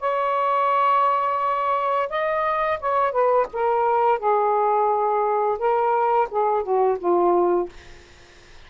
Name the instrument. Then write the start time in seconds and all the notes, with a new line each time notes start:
saxophone
0.00 C#5
2.10 D#5
2.80 C#5
3.12 B4
3.53 A#4
4.19 G#4
5.59 A#4
6.31 G#4
6.63 F#4
7.00 F4